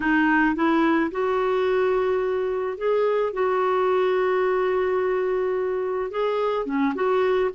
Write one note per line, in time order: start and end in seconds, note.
0.00 0.55 D#4
0.55 1.10 E4
1.11 2.77 F#4
2.77 3.33 G#4
3.33 6.11 F#4
6.11 6.65 G#4
6.65 6.93 C#4
6.94 7.50 F#4